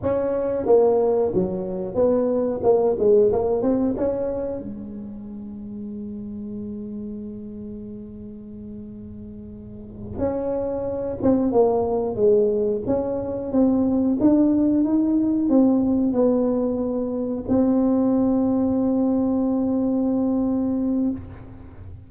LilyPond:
\new Staff \with { instrumentName = "tuba" } { \time 4/4 \tempo 4 = 91 cis'4 ais4 fis4 b4 | ais8 gis8 ais8 c'8 cis'4 gis4~ | gis1~ | gis2.~ gis8 cis'8~ |
cis'4 c'8 ais4 gis4 cis'8~ | cis'8 c'4 d'4 dis'4 c'8~ | c'8 b2 c'4.~ | c'1 | }